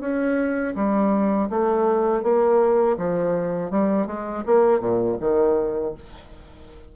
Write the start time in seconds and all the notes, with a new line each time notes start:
0.00 C#4
0.75 G3
1.50 A3
2.23 A#3
2.97 F3
3.70 G3
4.06 G#3
4.46 A#3
4.79 A#2
5.20 D#3